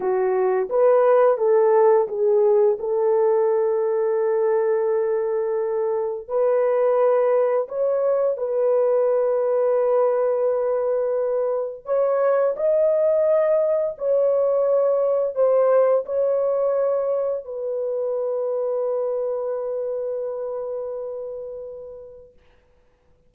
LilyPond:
\new Staff \with { instrumentName = "horn" } { \time 4/4 \tempo 4 = 86 fis'4 b'4 a'4 gis'4 | a'1~ | a'4 b'2 cis''4 | b'1~ |
b'4 cis''4 dis''2 | cis''2 c''4 cis''4~ | cis''4 b'2.~ | b'1 | }